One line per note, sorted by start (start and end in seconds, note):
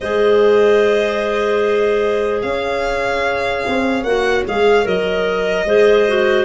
0.00 2.42 G#3
0.00 4.07 G#4
0.00 2.42 C5
0.00 2.41 D#5
2.41 3.64 C#4
2.41 5.66 C#5
2.41 4.03 F5
3.67 4.03 C4
4.03 4.44 A#3
4.03 4.47 F#4
4.03 4.43 F#5
4.47 4.86 G#3
4.47 4.84 G#4
4.47 4.87 F5
4.84 5.64 F#3
4.84 5.65 A#4
4.84 6.44 D#5
5.64 6.44 G#3
5.64 6.07 G#4
5.64 6.44 C5
6.08 6.44 F#4